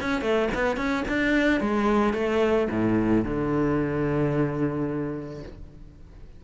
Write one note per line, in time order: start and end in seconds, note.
0.00 0.21 C#4
0.21 0.48 A3
0.54 0.76 B3
0.76 1.03 C#4
1.08 1.60 D4
1.60 2.13 G#3
2.13 2.68 A3
2.70 3.24 A2
3.24 5.42 D3